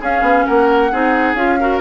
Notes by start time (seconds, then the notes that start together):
0.00 C#4 G#4 F5
0.21 B3
0.46 A#3 A#4 F#5
0.92 C4 D#4 G#4
1.34 C#4 F4 F5
1.60 F#4 A#4